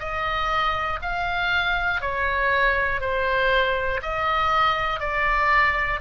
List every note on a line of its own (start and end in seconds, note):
0.00 1.00 D#5
1.02 2.02 F5
2.02 3.01 C#5
3.01 4.01 C5
4.02 5.00 D#5
5.00 6.00 D5